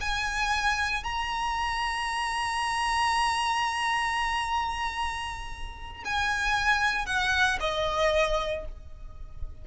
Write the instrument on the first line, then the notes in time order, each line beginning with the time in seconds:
violin
0.00 G#5
1.03 A#5
6.04 G#5
7.06 F#5
7.60 D#5